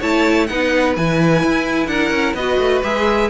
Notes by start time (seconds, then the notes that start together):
0.00 A3 E4 C#5 A5
0.47 B3 D#4 B4 F#5
0.97 E3 E4 G#5
1.44 E4
1.88 D4 A#4 F#5
2.11 C#4
2.34 B3 F#4 B4 D#5
2.58 A3
2.84 G#3 G#4 E5